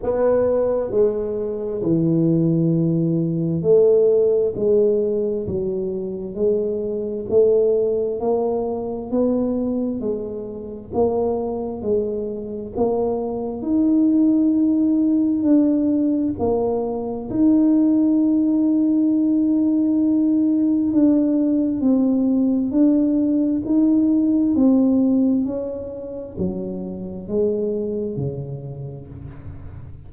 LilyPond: \new Staff \with { instrumentName = "tuba" } { \time 4/4 \tempo 4 = 66 b4 gis4 e2 | a4 gis4 fis4 gis4 | a4 ais4 b4 gis4 | ais4 gis4 ais4 dis'4~ |
dis'4 d'4 ais4 dis'4~ | dis'2. d'4 | c'4 d'4 dis'4 c'4 | cis'4 fis4 gis4 cis4 | }